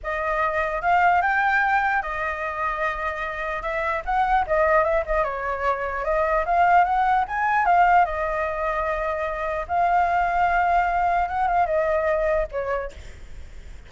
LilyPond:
\new Staff \with { instrumentName = "flute" } { \time 4/4 \tempo 4 = 149 dis''2 f''4 g''4~ | g''4 dis''2.~ | dis''4 e''4 fis''4 dis''4 | e''8 dis''8 cis''2 dis''4 |
f''4 fis''4 gis''4 f''4 | dis''1 | f''1 | fis''8 f''8 dis''2 cis''4 | }